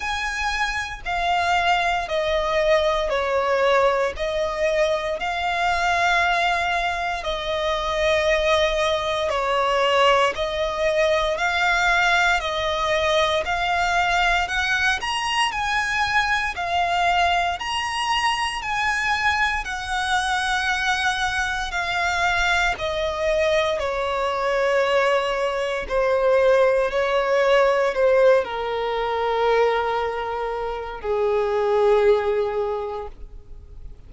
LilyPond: \new Staff \with { instrumentName = "violin" } { \time 4/4 \tempo 4 = 58 gis''4 f''4 dis''4 cis''4 | dis''4 f''2 dis''4~ | dis''4 cis''4 dis''4 f''4 | dis''4 f''4 fis''8 ais''8 gis''4 |
f''4 ais''4 gis''4 fis''4~ | fis''4 f''4 dis''4 cis''4~ | cis''4 c''4 cis''4 c''8 ais'8~ | ais'2 gis'2 | }